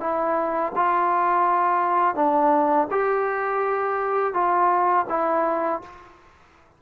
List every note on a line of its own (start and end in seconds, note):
0.00 0.72 E4
0.75 2.15 F4
2.15 2.88 D4
2.91 4.33 G4
4.33 5.06 F4
5.09 5.81 E4